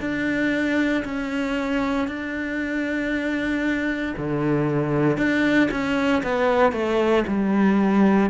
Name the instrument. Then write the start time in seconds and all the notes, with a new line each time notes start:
cello
0.00 D4
1.04 C#4
2.08 D4
4.18 D3
5.17 D4
5.71 C#4
6.23 B3
6.72 A3
7.27 G3